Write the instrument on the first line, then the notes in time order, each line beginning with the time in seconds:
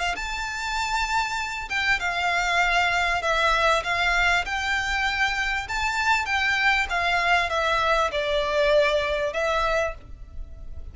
violin
0.00 F5
0.16 A5
1.69 G5
2.00 F5
3.22 E5
3.84 F5
4.46 G5
5.69 A5
6.26 G5
6.90 F5
7.49 E5
8.12 D5
9.33 E5